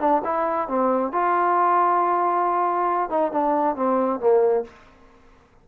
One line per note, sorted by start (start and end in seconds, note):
0.00 0.22 D4
0.25 0.68 E4
0.68 1.12 C4
1.12 3.10 F4
3.10 3.32 D#4
3.32 3.76 D4
3.76 4.20 C4
4.21 4.65 A#3